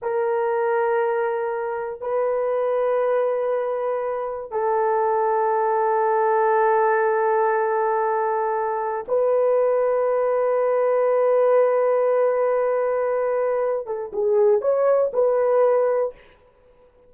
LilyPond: \new Staff \with { instrumentName = "horn" } { \time 4/4 \tempo 4 = 119 ais'1 | b'1~ | b'4 a'2.~ | a'1~ |
a'2 b'2~ | b'1~ | b'2.~ b'8 a'8 | gis'4 cis''4 b'2 | }